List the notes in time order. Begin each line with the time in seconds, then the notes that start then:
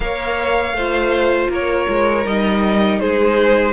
0.00 A#3 A#4 C#5 F5
0.73 A3 F4 C5
1.49 A#3 A#4 C#5
1.88 G#3
2.24 G3 D#4 D#5
2.99 G#3 G#4 C5